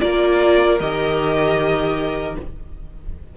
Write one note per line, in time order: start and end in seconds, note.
0.00 0.80 A#3
0.00 0.78 F4
0.00 2.37 A#4
0.00 0.78 D5
0.80 2.35 D#3
0.80 2.37 G4
0.80 2.35 D#5